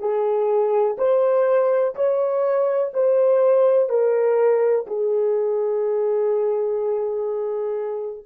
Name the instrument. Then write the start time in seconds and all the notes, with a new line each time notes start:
horn
0.00 G#4
0.99 C5
1.95 C#5
2.94 C5
3.89 A#4
4.87 G#4